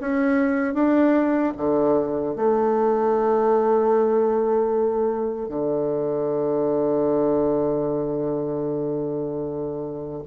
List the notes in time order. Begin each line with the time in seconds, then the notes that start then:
0.00 C#4
0.74 D4
1.57 D3
2.35 A3
5.49 D3